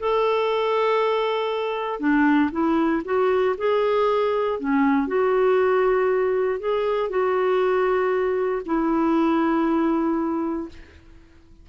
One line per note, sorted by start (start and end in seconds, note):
0.00 2.00 A4
2.00 2.51 D4
2.52 3.03 E4
3.05 3.56 F#4
3.58 4.60 G#4
4.60 5.07 C#4
5.07 6.60 F#4
6.60 7.10 G#4
7.10 8.62 F#4
8.66 10.69 E4